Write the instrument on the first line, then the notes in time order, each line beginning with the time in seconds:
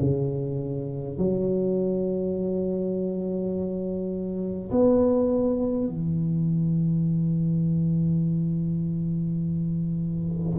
tuba
0.00 C#3
1.18 F#3
4.71 B3
5.88 E3